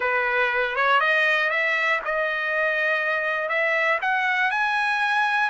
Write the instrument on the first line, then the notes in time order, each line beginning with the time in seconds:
trumpet
0.00 B4
0.75 C#5
1.00 D#5
1.50 E5
2.04 D#5
3.48 E5
4.01 F#5
4.50 G#5